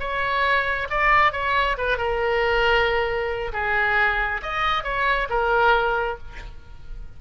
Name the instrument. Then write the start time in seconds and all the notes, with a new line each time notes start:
oboe
0.00 C#5
0.90 D5
1.33 C#5
1.78 B4
1.98 A#4
3.53 G#4
4.43 D#5
4.84 C#5
5.30 A#4